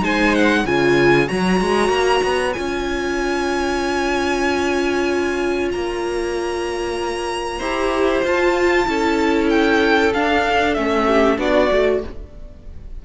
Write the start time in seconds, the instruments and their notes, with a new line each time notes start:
0.00 cello G#3, viola D#4, violin C5 G#5
0.34 violin F#5
0.63 cello C#3, viola F4, violin C#5 G#5
1.26 cello F#3, viola F#4, violin A#5
1.60 cello G#3
1.88 cello A#3
2.23 cello B3
2.53 cello C#4, viola F4, violin G#5
5.72 cello A#3, violin A#5
7.58 cello E4, viola G4, violin C5
8.24 cello F4, viola F4, violin A5
8.86 cello C#4, viola E4, violin A4
9.49 violin G5
10.13 viola D4, cello D4, violin F5
10.74 cello A3, viola C#4, violin E5
11.06 violin G4
11.37 cello B3, viola D4, violin F#4 D5
11.71 cello A3, viola F#4